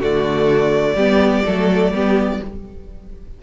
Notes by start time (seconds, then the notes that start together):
0.00 D3 A3 F#4 D5
0.95 G3 B3 G4
1.46 F#3 A3 A4
1.92 G3 B3 G4